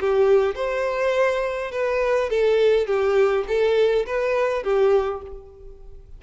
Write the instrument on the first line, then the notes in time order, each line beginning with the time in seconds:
violin
0.00 G4
0.55 C5
1.71 B4
2.30 A4
2.86 G4
3.48 A4
4.06 B4
4.63 G4